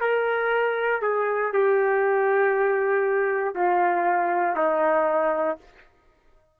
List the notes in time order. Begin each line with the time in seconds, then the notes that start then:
0.00 A#4
1.02 G#4
1.52 G4
3.55 F4
4.56 D#4